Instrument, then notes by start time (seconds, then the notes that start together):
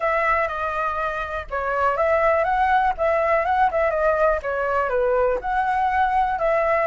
flute
0.00 E5
0.48 D#5
1.50 C#5
1.96 E5
2.44 F#5
2.97 E5
3.45 F#5
3.71 E5
3.90 D#5
4.42 C#5
4.89 B4
5.41 F#5
6.38 E5